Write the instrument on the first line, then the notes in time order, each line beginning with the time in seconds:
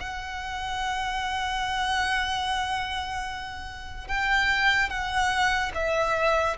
violin
0.00 F#5
4.08 G5
4.89 F#5
5.75 E5